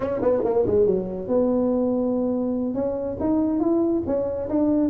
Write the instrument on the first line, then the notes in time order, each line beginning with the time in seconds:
tuba
0.00 C#4
0.21 B3
0.44 A#3
0.66 G#3
0.86 F#3
1.27 B3
2.74 C#4
3.19 D#4
3.60 E4
4.06 C#4
4.49 D4